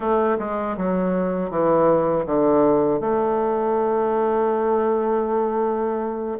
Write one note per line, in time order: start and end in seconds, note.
0.00 0.37 A3
0.39 0.76 G#3
0.77 1.50 F#3
1.50 2.25 E3
2.26 3.00 D3
3.00 6.38 A3